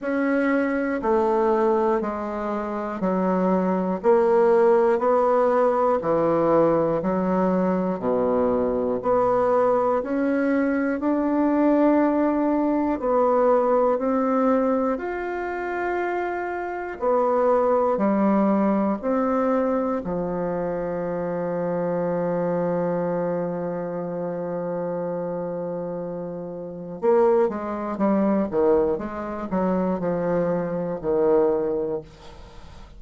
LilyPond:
\new Staff \with { instrumentName = "bassoon" } { \time 4/4 \tempo 4 = 60 cis'4 a4 gis4 fis4 | ais4 b4 e4 fis4 | b,4 b4 cis'4 d'4~ | d'4 b4 c'4 f'4~ |
f'4 b4 g4 c'4 | f1~ | f2. ais8 gis8 | g8 dis8 gis8 fis8 f4 dis4 | }